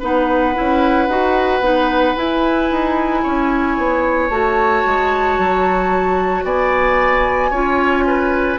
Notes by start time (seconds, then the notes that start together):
0.00 B3 D#4 B4 F#5
0.55 C#4 E4
1.08 D#4 F#4
1.61 B3 D#4
2.16 E4 G#5
2.71 D#4
3.23 C#4 C#5
3.78 B3
4.29 A3 F#4 A5
4.86 G#3
5.38 F#3
6.44 B3 D5 G#5
7.51 C#4 F4 C#5
8.07 B4